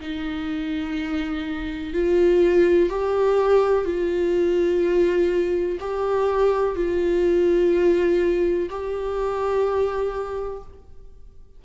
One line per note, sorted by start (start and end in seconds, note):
0.00 1.94 D#4
1.94 2.89 F4
2.89 3.85 G4
3.85 5.78 F4
5.80 6.76 G4
6.76 8.69 F4
8.70 10.63 G4